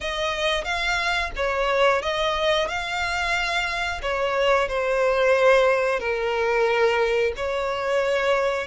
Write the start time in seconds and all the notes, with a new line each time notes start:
0.00 D#5
0.64 F5
1.35 C#5
2.02 D#5
2.68 F5
4.02 C#5
4.68 C5
5.99 A#4
7.36 C#5